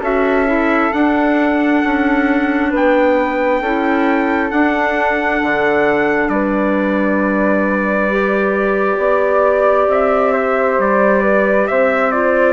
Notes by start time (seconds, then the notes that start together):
0.00 C#4 F#4 A4 E5
0.46 E4
0.93 D4 F#5
1.83 C#4
2.69 B3 B4 G5
3.61 C#4 E4 A4
4.50 D4 F#5
5.42 D3
6.28 G3 B4 D5
8.09 G4
8.98 B3 D5
9.87 C4 E5
10.32 C5
10.78 G3 D5
11.22 B4
11.67 C4 C5 E5
12.11 F4 D5